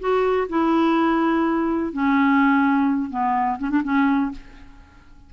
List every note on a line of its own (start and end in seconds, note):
0.00 0.48 F#4
0.49 1.93 E4
1.93 3.10 C#4
3.10 3.58 B3
3.59 3.70 C#4
3.70 3.82 D4
3.84 4.32 C#4